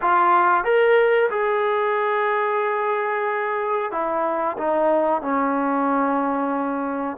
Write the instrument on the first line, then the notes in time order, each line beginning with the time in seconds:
trombone
0.01 F4
0.64 A#4
1.30 G#4
3.91 E4
4.57 D#4
5.21 C#4